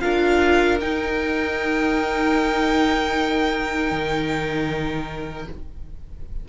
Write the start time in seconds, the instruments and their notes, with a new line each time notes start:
0.00 cello D4, viola F4, violin A#4 F5
0.81 cello D#4, viola D#4, violin G5
3.92 cello D#3